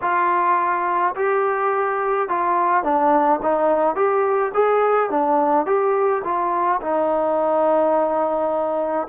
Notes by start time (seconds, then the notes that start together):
0.01 F4
1.15 G4
2.28 F4
2.83 D4
3.42 D#4
3.95 G4
4.54 G#4
5.09 D4
5.66 G4
6.24 F4
6.81 D#4